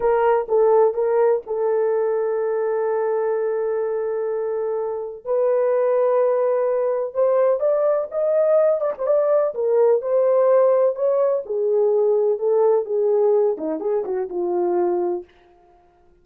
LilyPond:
\new Staff \with { instrumentName = "horn" } { \time 4/4 \tempo 4 = 126 ais'4 a'4 ais'4 a'4~ | a'1~ | a'2. b'4~ | b'2. c''4 |
d''4 dis''4. d''16 c''16 d''4 | ais'4 c''2 cis''4 | gis'2 a'4 gis'4~ | gis'8 dis'8 gis'8 fis'8 f'2 | }